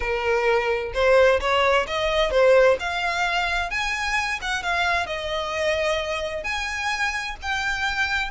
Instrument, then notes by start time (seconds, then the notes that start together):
violin
0.00 A#4
0.93 C5
1.40 C#5
1.87 D#5
2.31 C5
2.79 F5
3.70 G#5
4.41 F#5
4.62 F5
5.06 D#5
6.43 G#5
7.42 G5